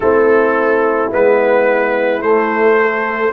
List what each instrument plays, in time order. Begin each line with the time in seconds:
0.00 tuba A3, trombone C4, horn E4, trumpet A4
1.11 tuba G#3, trombone B3, trumpet B4
2.20 tuba A3, trombone A3, trumpet C5
2.80 horn A4